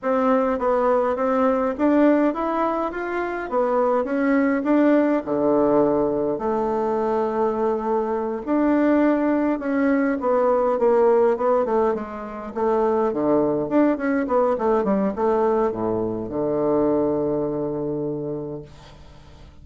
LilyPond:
\new Staff \with { instrumentName = "bassoon" } { \time 4/4 \tempo 4 = 103 c'4 b4 c'4 d'4 | e'4 f'4 b4 cis'4 | d'4 d2 a4~ | a2~ a8 d'4.~ |
d'8 cis'4 b4 ais4 b8 | a8 gis4 a4 d4 d'8 | cis'8 b8 a8 g8 a4 a,4 | d1 | }